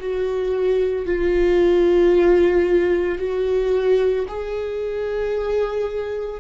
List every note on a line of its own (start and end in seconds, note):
0.00 1.06 F#4
1.06 3.19 F4
3.19 4.26 F#4
4.28 6.40 G#4